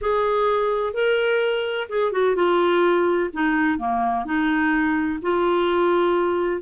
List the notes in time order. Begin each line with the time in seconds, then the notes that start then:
0.01 G#4
0.93 A#4
1.89 G#4
2.12 F#4
2.35 F4
3.33 D#4
3.78 A#3
4.25 D#4
5.21 F4